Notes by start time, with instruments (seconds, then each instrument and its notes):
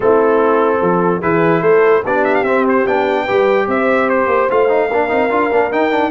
0.00 tuba A3, trombone C4, horn E4, trumpet A4
0.78 tuba F3, horn A4
1.21 tuba E3, trombone E4, horn G#4, trumpet B4
1.61 tuba A3, horn A4, trumpet C5
2.05 tuba B3, trombone D4, horn G4, trumpet D5
2.24 trumpet E5
2.34 trumpet F5
2.43 tuba C4, trombone C4, trumpet E5
2.68 trumpet C5
2.86 tuba B3, trombone D4, trumpet G5
3.24 tuba G3, trombone G4, horn B4
3.67 tuba C4, horn C5, trumpet E5
4.09 trumpet C5
4.27 tuba A#3
4.50 tuba A3, trombone F4, trumpet F5
4.68 trombone D#4
4.88 tuba A#3, trombone D4, horn A#4
5.08 tuba C4, trombone D#4
5.30 tuba D4, trombone F4
5.51 tuba A#3, trombone D4
5.71 tuba D#4, trombone D#4, trumpet G5
5.90 trombone D4